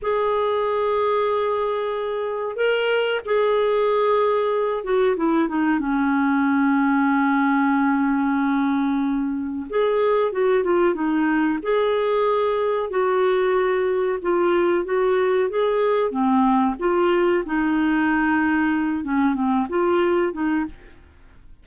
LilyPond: \new Staff \with { instrumentName = "clarinet" } { \time 4/4 \tempo 4 = 93 gis'1 | ais'4 gis'2~ gis'8 fis'8 | e'8 dis'8 cis'2.~ | cis'2. gis'4 |
fis'8 f'8 dis'4 gis'2 | fis'2 f'4 fis'4 | gis'4 c'4 f'4 dis'4~ | dis'4. cis'8 c'8 f'4 dis'8 | }